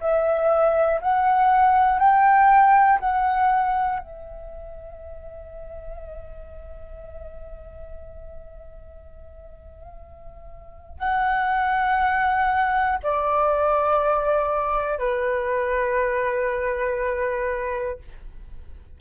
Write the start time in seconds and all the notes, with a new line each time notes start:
0.00 E5
1.01 F#5
1.99 G5
3.00 F#5
4.00 E5
10.99 F#5
13.03 D5
14.99 B4